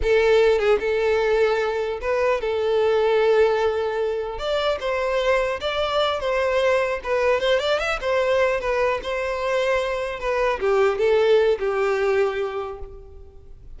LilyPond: \new Staff \with { instrumentName = "violin" } { \time 4/4 \tempo 4 = 150 a'4. gis'8 a'2~ | a'4 b'4 a'2~ | a'2. d''4 | c''2 d''4. c''8~ |
c''4. b'4 c''8 d''8 e''8 | c''4. b'4 c''4.~ | c''4. b'4 g'4 a'8~ | a'4 g'2. | }